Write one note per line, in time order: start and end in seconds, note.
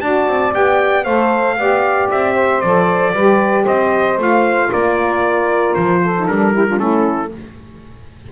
0.00 0.27 D4
0.00 0.51 F#4
0.00 1.03 D5
0.00 0.52 A5
0.27 0.53 C4
0.51 1.05 B3
0.51 1.03 G4
0.51 1.04 G5
1.03 1.57 A3
1.03 1.58 A4
1.03 1.55 C5
1.03 2.08 F5
1.57 2.09 B3
1.57 2.62 G4
1.57 2.34 D5
2.10 2.62 C4
2.10 2.60 E5
2.34 3.12 C5
2.60 3.12 F3
2.60 3.15 A4
2.60 3.65 D5
3.12 3.64 G3
3.12 4.16 G4
3.12 3.63 B4
3.63 4.17 C4
3.63 4.68 C5
3.63 4.19 D#5
4.16 4.69 A3
4.16 6.12 F4
4.16 4.72 F5
4.70 5.76 A#3
4.70 6.00 A#4
4.70 5.73 D5
5.73 6.27 F3
5.73 6.26 C5
6.02 6.54 A4
6.17 6.28 D#4
6.27 6.79 G3
6.27 6.53 D4
6.27 6.79 A#4
6.53 6.66 E4
6.53 6.67 G4
6.67 6.77 D4
6.67 6.79 F4
6.77 7.31 A3
6.77 7.29 C#4
6.77 7.31 E4
6.77 7.31 A4